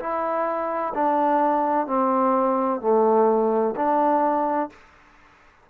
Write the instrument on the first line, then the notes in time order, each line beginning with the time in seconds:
trombone
0.00 E4
0.95 D4
1.87 C4
2.81 A3
3.76 D4